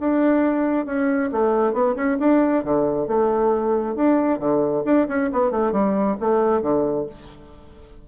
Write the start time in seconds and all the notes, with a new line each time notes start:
0.00 D4
0.86 C#4
1.32 A3
1.73 B3
1.96 C#4
2.20 D4
2.64 D3
3.08 A3
3.96 D4
4.39 D3
4.85 D4
5.08 C#4
5.33 B3
5.51 A3
5.73 G3
6.20 A3
6.62 D3